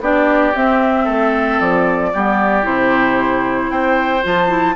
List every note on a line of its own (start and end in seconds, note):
0.00 0.53 B3
0.00 0.54 D4
0.00 1.04 G4
0.00 0.55 D5
0.55 2.13 C4
0.55 1.07 C4
0.55 1.60 E5
1.04 1.60 A3
1.04 2.09 A4
1.60 2.13 F3
1.60 2.65 D5
2.13 2.65 G3
2.13 2.62 B3
2.13 3.71 G4
2.62 3.70 C3
2.62 4.20 E4
2.62 3.71 C5
3.70 4.23 C4
3.70 4.75 C5
3.70 4.23 G5
4.23 4.75 F3
4.23 4.48 F4
4.23 4.75 A5
4.48 4.74 E4